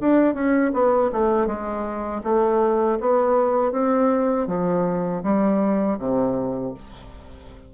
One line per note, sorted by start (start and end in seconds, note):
0.00 0.33 D4
0.33 0.71 C#4
0.73 1.10 B3
1.12 1.46 A3
1.46 2.21 G#3
2.23 2.98 A3
3.00 3.72 B3
3.72 4.47 C4
4.47 5.22 F3
5.23 5.98 G3
5.98 6.73 C3